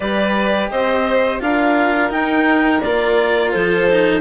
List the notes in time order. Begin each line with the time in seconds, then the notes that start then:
0.00 G3 G4 B4 D5
0.70 C4 C5 D#5
1.39 D4 F4 A#4 F5
2.09 D#4 G5
2.80 A#3 F4 D5
3.51 F3 A4 C5
3.91 D#4